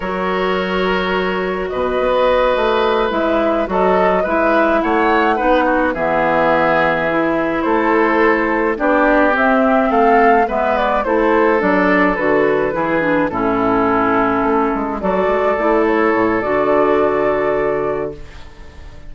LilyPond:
<<
  \new Staff \with { instrumentName = "flute" } { \time 4/4 \tempo 4 = 106 cis''2. dis''4~ | dis''4. e''4 dis''4 e''8~ | e''8 fis''2 e''4.~ | e''4. c''2 d''8~ |
d''8 e''4 f''4 e''8 d''8 c''8~ | c''8 d''4 b'2 a'8~ | a'2~ a'8 d''4. | cis''4 d''2. | }
  \new Staff \with { instrumentName = "oboe" } { \time 4/4 ais'2. b'4~ | b'2~ b'8 a'4 b'8~ | b'8 cis''4 b'8 fis'8 gis'4.~ | gis'4. a'2 g'8~ |
g'4. a'4 b'4 a'8~ | a'2~ a'8 gis'4 e'8~ | e'2~ e'8 a'4.~ | a'1 | }
  \new Staff \with { instrumentName = "clarinet" } { \time 4/4 fis'1~ | fis'4. e'4 fis'4 e'8~ | e'4. dis'4 b4.~ | b8 e'2. d'8~ |
d'8 c'2 b4 e'8~ | e'8 d'4 fis'4 e'8 d'8 cis'8~ | cis'2~ cis'8 fis'4 e'8~ | e'4 fis'2. | }
  \new Staff \with { instrumentName = "bassoon" } { \time 4/4 fis2. b,8 b8~ | b8 a4 gis4 fis4 gis8~ | gis8 a4 b4 e4.~ | e4. a2 b8~ |
b8 c'4 a4 gis4 a8~ | a8 fis4 d4 e4 a,8~ | a,4. a8 gis8 fis8 gis8 a8~ | a8 a,8 d2. | }
>>